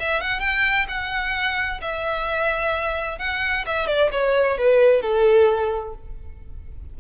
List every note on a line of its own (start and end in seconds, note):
0.00 0.21 E5
0.21 0.40 F#5
0.40 0.86 G5
0.89 1.81 F#5
1.82 3.19 E5
3.19 3.65 F#5
3.67 3.87 E5
3.87 4.11 D5
4.12 4.58 C#5
4.58 5.02 B4
5.02 5.94 A4